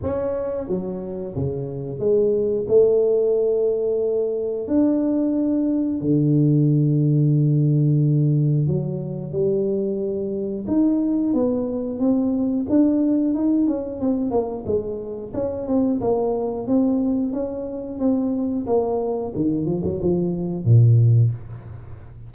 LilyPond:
\new Staff \with { instrumentName = "tuba" } { \time 4/4 \tempo 4 = 90 cis'4 fis4 cis4 gis4 | a2. d'4~ | d'4 d2.~ | d4 fis4 g2 |
dis'4 b4 c'4 d'4 | dis'8 cis'8 c'8 ais8 gis4 cis'8 c'8 | ais4 c'4 cis'4 c'4 | ais4 dis8 f16 fis16 f4 ais,4 | }